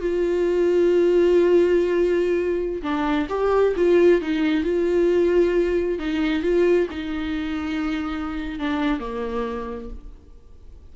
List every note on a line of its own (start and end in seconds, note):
0.00 2.82 F4
2.82 3.27 D4
3.29 3.74 G4
3.76 4.21 F4
4.21 4.63 D#4
4.63 5.99 F4
5.99 6.42 D#4
6.42 6.87 F4
6.90 8.59 D#4
8.59 8.99 D4
8.99 9.89 A#3